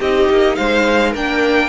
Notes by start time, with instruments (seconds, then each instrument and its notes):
0.00 cello C4, viola D#4, violin G4 D#5
0.29 cello A#3
0.55 cello G#3, violin C5 F5
1.11 cello A#3, viola D4, violin A#4 G5